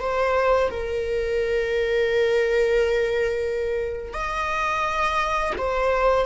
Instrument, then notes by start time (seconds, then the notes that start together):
viola
0.00 C5
0.70 A#4
4.14 D#5
5.58 C5